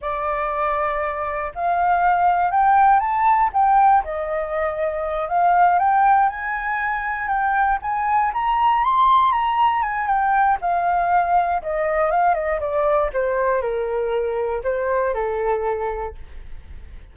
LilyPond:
\new Staff \with { instrumentName = "flute" } { \time 4/4 \tempo 4 = 119 d''2. f''4~ | f''4 g''4 a''4 g''4 | dis''2~ dis''8 f''4 g''8~ | g''8 gis''2 g''4 gis''8~ |
gis''8 ais''4 c'''4 ais''4 gis''8 | g''4 f''2 dis''4 | f''8 dis''8 d''4 c''4 ais'4~ | ais'4 c''4 a'2 | }